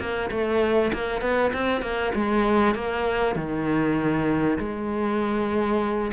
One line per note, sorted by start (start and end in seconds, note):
0.00 0.31 A#3
0.31 0.93 A3
0.94 1.22 A#3
1.22 1.53 B3
1.54 1.82 C4
1.82 2.13 A#3
2.15 2.76 G#3
2.76 3.36 A#3
3.36 4.58 D#3
4.59 6.12 G#3